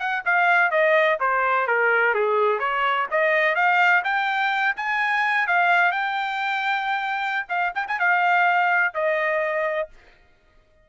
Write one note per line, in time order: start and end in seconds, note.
0.00 0.24 F#5
0.25 0.71 F5
0.71 1.19 D#5
1.21 1.68 C5
1.68 2.15 A#4
2.15 2.60 G#4
2.60 3.07 C#5
3.11 3.56 D#5
3.56 4.03 F5
4.04 4.76 G5
4.77 5.48 G#5
5.48 5.92 F5
5.92 7.47 G5
7.49 7.73 F5
7.75 7.87 G5
7.88 7.99 G#5
7.99 8.94 F5
8.94 9.90 D#5